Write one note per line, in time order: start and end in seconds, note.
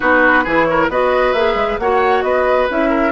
0.00 0.46 B3
0.00 0.44 D#4
0.00 0.44 F#4
0.00 0.64 B4
0.44 0.89 E3
0.44 0.90 E4
0.44 0.66 G#4
0.64 0.91 A#4
0.64 0.86 C#5
0.89 1.33 B3
0.89 1.35 F#4
0.89 1.80 B4
0.89 1.33 D#5
1.33 1.54 A#3
1.33 1.80 G#4
1.33 1.78 E5
1.54 1.77 G#3
1.78 2.23 A#3
1.78 2.69 F#4
1.78 2.24 C#5
1.78 2.22 F#5
2.22 2.67 B3
2.22 2.89 B4
2.22 2.67 D#5
2.69 3.12 C#4
2.69 3.12 E4
2.69 3.12 E5
2.89 3.12 A#4